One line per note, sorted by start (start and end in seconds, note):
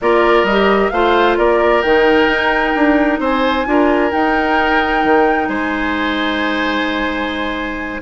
0.01 0.43 A#3
0.01 0.47 F4
0.01 0.92 A#4
0.01 0.45 D5
0.43 0.89 G3
0.43 0.90 D#5
0.50 0.92 G4
0.90 1.37 A3
0.90 1.84 F4
0.90 1.38 C5
0.90 1.35 F5
1.37 1.83 A#3
1.37 3.20 A#4
1.37 1.81 D5
1.81 2.27 D#3
1.81 3.65 D#4
1.81 3.19 G5
2.27 2.72 D#4
2.75 3.19 D4
3.19 3.65 C4
3.19 3.65 C5
3.19 4.11 G#5
3.65 4.12 D4
3.65 4.11 F4
3.65 5.48 A#4
4.11 8.00 D#4
4.11 5.04 D#4
4.11 5.48 G5
5.04 5.48 D#3
5.48 8.00 G#3
5.48 8.00 C5
5.48 8.00 G#5